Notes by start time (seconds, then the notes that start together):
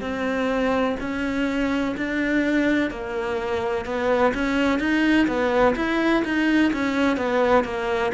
0.00 C4
1.00 C#4
1.97 D4
2.90 A#3
3.85 B3
4.34 C#4
4.79 D#4
5.27 B3
5.75 E4
6.24 D#4
6.73 C#4
7.16 B3
7.64 A#3